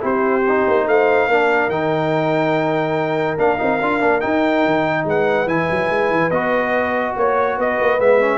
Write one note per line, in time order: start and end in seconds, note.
0.00 0.67 C4
0.00 0.42 E4
0.00 0.86 G4
0.00 0.88 C5
0.49 1.31 D#4
0.68 0.87 A#3
0.87 1.28 A3
0.87 1.29 C5
0.87 1.70 F5
1.28 1.69 A#3
1.28 1.71 D4
1.28 5.07 A#4
1.69 3.37 D#3
1.69 3.37 D#4
1.69 3.38 G5
3.37 3.59 A#3
3.37 3.58 D4
3.37 4.21 F5
3.58 3.81 C4
3.58 3.79 D#4
3.81 4.02 D4
3.81 4.00 F4
4.00 4.23 A#3
4.00 4.21 D4
4.21 5.47 D#4
4.21 4.66 D#4
4.21 5.05 G5
4.66 5.05 D#3
5.05 5.46 G#3
5.05 7.17 B4
5.05 5.48 F#5
5.46 5.67 E3
5.46 6.31 E4
5.46 6.31 G#5
5.71 5.90 F#3
5.90 6.11 G#3
6.11 6.31 E3
6.31 7.15 B3
6.31 8.00 F#4
6.31 7.15 D#5
7.16 7.58 A#3
7.16 7.56 C#5
7.16 7.60 C#5
7.56 7.79 B3
7.56 8.38 B4
7.56 8.01 D#5
7.81 7.99 A#3
7.99 8.38 G#3
7.99 8.20 B3
7.99 8.38 E5
8.20 8.38 C#4